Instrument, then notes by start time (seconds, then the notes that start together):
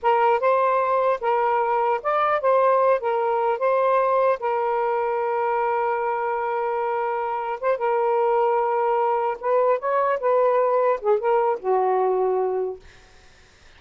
saxophone
0.02 A#4
0.39 C5
1.21 A#4
2.02 D5
2.41 C5
2.99 A#4
3.59 C5
4.39 A#4
7.60 C5
7.77 A#4
9.40 B4
9.79 C#5
10.19 B4
11.01 G#4
11.19 A#4
11.59 F#4